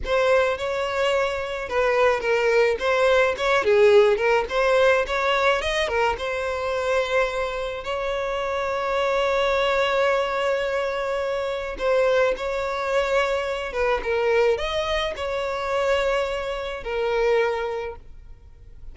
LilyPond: \new Staff \with { instrumentName = "violin" } { \time 4/4 \tempo 4 = 107 c''4 cis''2 b'4 | ais'4 c''4 cis''8 gis'4 ais'8 | c''4 cis''4 dis''8 ais'8 c''4~ | c''2 cis''2~ |
cis''1~ | cis''4 c''4 cis''2~ | cis''8 b'8 ais'4 dis''4 cis''4~ | cis''2 ais'2 | }